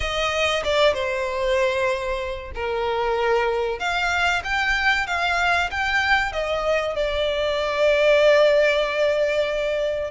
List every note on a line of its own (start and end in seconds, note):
0.00 0.63 D#5
0.63 0.93 D5
0.93 2.51 C5
2.54 3.79 A#4
3.79 4.42 F5
4.44 5.07 G5
5.07 5.70 F5
5.70 6.32 G5
6.32 6.95 D#5
6.95 10.10 D5